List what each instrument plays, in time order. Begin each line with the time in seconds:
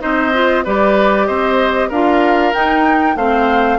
0.00 bassoon C4, clarinet D#4, oboe C5, flute D#5
0.33 clarinet F4
0.64 bassoon G3, clarinet G4, oboe B4, flute D5
1.26 bassoon C4, oboe C5, flute D#5
1.89 bassoon D4, clarinet F4, oboe A#4, flute F5
2.53 clarinet D#4, bassoon D#4, flute G5
3.15 bassoon A3, clarinet C4, oboe C5, flute F5